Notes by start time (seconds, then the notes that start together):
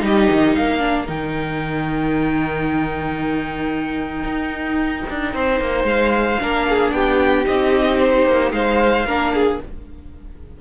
0.00 G3 D#4 G4 D#5
0.31 D#3
0.56 A#3 A#4 F5
0.79 D4
1.08 D#3 D#4 G5
4.24 D#4
5.10 D4
5.34 C4 C5
5.61 A#3
5.84 G#3 F5
6.41 A#3 D4 A#4
6.70 G#4
6.92 B3 G4 G5
7.45 C4 D#4 D#5
8.00 C5
8.27 A#3
8.52 G#3 C5 F5
9.05 A#3 D4 A#4
9.34 G#4